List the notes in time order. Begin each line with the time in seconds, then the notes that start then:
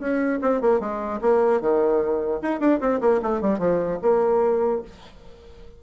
0.00 C#4
0.42 C4
0.61 A#3
0.81 G#3
1.21 A#3
1.61 D#3
2.42 D#4
2.60 D4
2.81 C4
3.01 A#3
3.23 A3
3.41 G3
3.59 F3
4.02 A#3